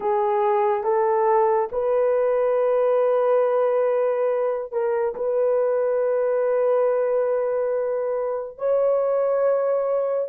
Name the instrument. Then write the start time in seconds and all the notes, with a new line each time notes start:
horn
0.00 G#4
0.83 A4
1.72 B4
4.71 A#4
5.15 B4
8.58 C#5